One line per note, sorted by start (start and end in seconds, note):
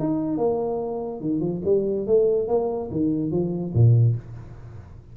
0.00 0.38 D#4
0.38 1.21 A#3
1.21 1.41 D#3
1.41 1.62 F3
1.65 2.07 G3
2.07 2.48 A3
2.48 2.90 A#3
2.91 3.32 D#3
3.32 3.74 F3
3.74 4.16 A#2